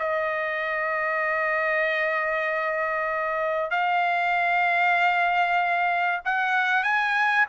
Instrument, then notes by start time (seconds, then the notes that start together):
trumpet
0.00 D#5
3.71 F5
6.25 F#5
6.84 G#5